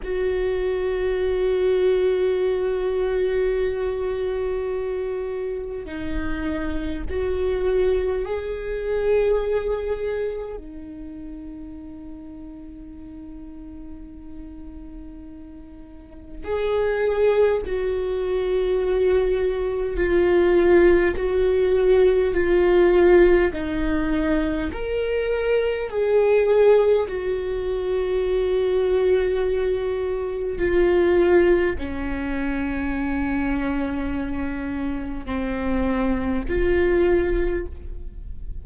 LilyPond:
\new Staff \with { instrumentName = "viola" } { \time 4/4 \tempo 4 = 51 fis'1~ | fis'4 dis'4 fis'4 gis'4~ | gis'4 dis'2.~ | dis'2 gis'4 fis'4~ |
fis'4 f'4 fis'4 f'4 | dis'4 ais'4 gis'4 fis'4~ | fis'2 f'4 cis'4~ | cis'2 c'4 f'4 | }